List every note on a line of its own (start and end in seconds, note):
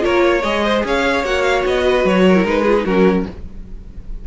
0.00 0.43 A#3
0.00 0.40 F4
0.00 0.24 A#4
0.00 0.42 C#5
0.26 0.65 C#5
0.42 0.83 G#3
0.42 1.24 G#4
0.42 0.82 D#5
0.65 0.85 C5
0.84 1.24 C#4
0.84 1.83 C#5
0.84 1.25 F5
1.24 1.64 A#3
1.24 2.35 F#4
1.24 1.42 F#5
1.42 1.62 F5
1.65 2.04 B3
1.65 2.06 D#5
1.83 2.23 B4
2.04 2.44 F#3
2.04 2.46 C#5
2.28 2.63 A#4
2.35 2.44 E4
2.44 2.84 G#3
2.44 2.65 D#4
2.44 2.85 B4
2.63 2.77 F4
2.63 2.83 G#4
2.77 2.87 D#4
2.85 3.26 F#3
2.85 3.27 C#4
2.85 3.25 F#4
2.85 3.26 A#4